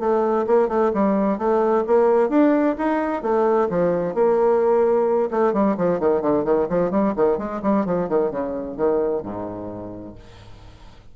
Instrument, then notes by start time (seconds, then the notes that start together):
bassoon
0.00 A3
0.47 A#3
0.69 A3
0.94 G3
1.38 A3
1.87 A#3
2.30 D4
2.78 D#4
3.23 A3
3.70 F3
4.15 A#3
5.31 A3
5.54 G3
5.78 F3
6.00 D#3
6.22 D3
6.45 D#3
6.70 F3
6.91 G3
7.16 D#3
7.39 G#3
7.63 G3
7.86 F3
8.09 D#3
8.31 C#3
8.77 D#3
9.23 G#2